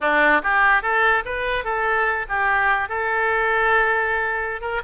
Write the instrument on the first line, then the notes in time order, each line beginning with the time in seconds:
oboe
0.01 D4
0.42 G4
0.82 A4
1.25 B4
1.64 A4
2.28 G4
2.88 A4
4.61 A#4